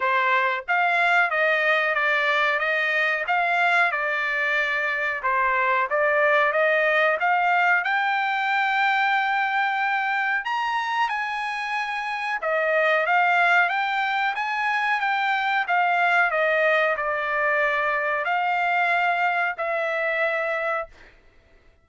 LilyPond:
\new Staff \with { instrumentName = "trumpet" } { \time 4/4 \tempo 4 = 92 c''4 f''4 dis''4 d''4 | dis''4 f''4 d''2 | c''4 d''4 dis''4 f''4 | g''1 |
ais''4 gis''2 dis''4 | f''4 g''4 gis''4 g''4 | f''4 dis''4 d''2 | f''2 e''2 | }